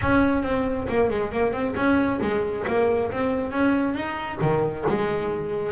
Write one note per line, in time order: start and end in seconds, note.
0.01 0.42 C#4
0.42 0.86 C4
0.88 1.09 A#3
1.09 1.32 G#3
1.32 1.52 A#3
1.52 1.74 C4
1.75 2.20 C#4
2.21 2.65 G#3
2.67 3.11 A#3
3.11 3.51 C4
3.51 3.94 C#4
3.94 4.39 D#4
4.41 4.85 D#3
4.88 5.72 G#3